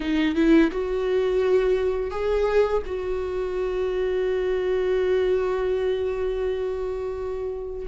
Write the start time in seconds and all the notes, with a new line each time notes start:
0.00 D#4
0.35 E4
0.71 F#4
2.10 G#4
2.85 F#4